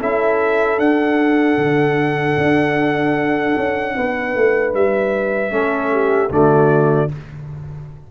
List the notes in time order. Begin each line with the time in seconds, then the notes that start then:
0.00 C#4 E4 A4 E5
0.79 D4 F#5
1.58 D3
2.37 D4
3.57 C#4
3.97 B3 B4
4.36 A3
4.74 G3 E5
5.51 A3 C#4 A4
5.93 G4
6.30 D3 A3 F#4 D5